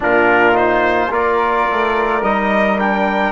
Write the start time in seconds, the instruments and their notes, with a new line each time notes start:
0.00 bassoon A#2, trombone D4, flute F4, trumpet A#4
0.53 trombone D#4, trumpet C5
1.10 bassoon A#3, trombone F4, flute A#4, trumpet D5
1.70 bassoon A3
2.22 bassoon G3, trombone D#4, trumpet D#5
2.79 trombone D4, trumpet G5